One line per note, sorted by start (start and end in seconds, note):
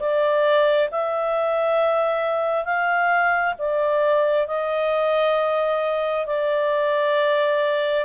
0.00 0.90 D5
0.92 2.65 E5
2.65 3.55 F5
3.59 4.47 D5
4.47 6.26 D#5
6.27 8.06 D5